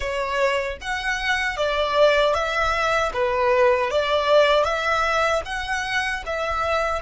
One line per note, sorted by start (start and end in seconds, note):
0.00 0.77 C#5
0.81 1.56 F#5
1.56 2.34 D5
2.34 3.12 E5
3.13 3.90 B4
3.90 4.64 D5
4.64 5.42 E5
5.45 6.23 F#5
6.26 7.02 E5